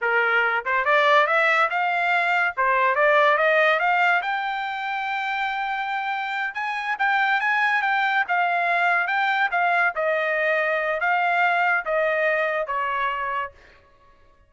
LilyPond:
\new Staff \with { instrumentName = "trumpet" } { \time 4/4 \tempo 4 = 142 ais'4. c''8 d''4 e''4 | f''2 c''4 d''4 | dis''4 f''4 g''2~ | g''2.~ g''8 gis''8~ |
gis''8 g''4 gis''4 g''4 f''8~ | f''4. g''4 f''4 dis''8~ | dis''2 f''2 | dis''2 cis''2 | }